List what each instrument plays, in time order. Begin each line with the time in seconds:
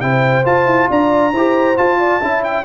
0.00 tuba C3, trombone E4, horn C5, trumpet G5
0.44 trombone F4, tuba F4, trumpet A5
0.66 tuba E4
0.90 tuba D4, horn D5, trumpet A#5
1.32 tuba E4, trombone G4, horn C5
1.77 trombone F4, tuba F4, trumpet A5
1.99 horn D5
2.21 tuba C#4, trombone E4, horn E5
2.44 trumpet G5